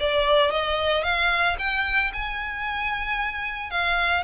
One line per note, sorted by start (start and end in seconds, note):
0.00 0.51 D5
0.51 1.04 D#5
1.04 1.57 F5
1.59 2.12 G5
2.13 3.71 G#5
3.71 4.24 F5